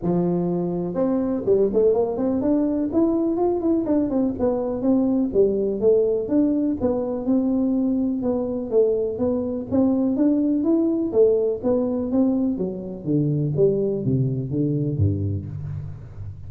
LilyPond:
\new Staff \with { instrumentName = "tuba" } { \time 4/4 \tempo 4 = 124 f2 c'4 g8 a8 | ais8 c'8 d'4 e'4 f'8 e'8 | d'8 c'8 b4 c'4 g4 | a4 d'4 b4 c'4~ |
c'4 b4 a4 b4 | c'4 d'4 e'4 a4 | b4 c'4 fis4 d4 | g4 c4 d4 g,4 | }